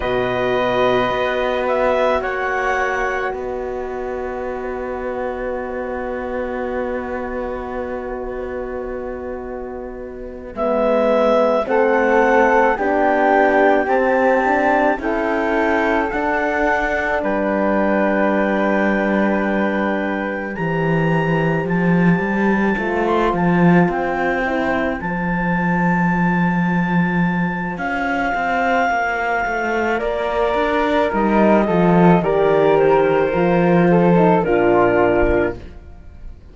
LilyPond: <<
  \new Staff \with { instrumentName = "clarinet" } { \time 4/4 \tempo 4 = 54 dis''4. e''8 fis''4 dis''4~ | dis''1~ | dis''4. e''4 fis''4 g''8~ | g''8 a''4 g''4 fis''4 g''8~ |
g''2~ g''8 ais''4 a''8~ | a''8. c'''16 a''8 g''4 a''4.~ | a''4 f''2 d''4 | dis''4 d''8 c''4. ais'4 | }
  \new Staff \with { instrumentName = "flute" } { \time 4/4 b'2 cis''4 b'4~ | b'1~ | b'2~ b'8 a'4 g'8~ | g'4. a'2 b'8~ |
b'2~ b'8 c''4.~ | c''1~ | c''2. ais'4~ | ais'8 a'8 ais'4. a'8 f'4 | }
  \new Staff \with { instrumentName = "horn" } { \time 4/4 fis'1~ | fis'1~ | fis'4. b4 c'4 d'8~ | d'8 c'8 d'8 e'4 d'4.~ |
d'2~ d'8 g'4.~ | g'8 f'4. e'8 f'4.~ | f'1 | dis'8 f'8 g'4 f'8. dis'16 d'4 | }
  \new Staff \with { instrumentName = "cello" } { \time 4/4 b,4 b4 ais4 b4~ | b1~ | b4. gis4 a4 b8~ | b8 c'4 cis'4 d'4 g8~ |
g2~ g8 e4 f8 | g8 a8 f8 c'4 f4.~ | f4 cis'8 c'8 ais8 a8 ais8 d'8 | g8 f8 dis4 f4 ais,4 | }
>>